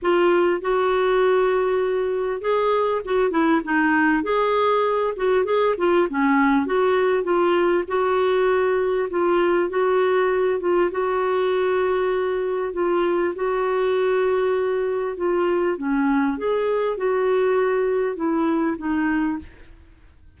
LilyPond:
\new Staff \with { instrumentName = "clarinet" } { \time 4/4 \tempo 4 = 99 f'4 fis'2. | gis'4 fis'8 e'8 dis'4 gis'4~ | gis'8 fis'8 gis'8 f'8 cis'4 fis'4 | f'4 fis'2 f'4 |
fis'4. f'8 fis'2~ | fis'4 f'4 fis'2~ | fis'4 f'4 cis'4 gis'4 | fis'2 e'4 dis'4 | }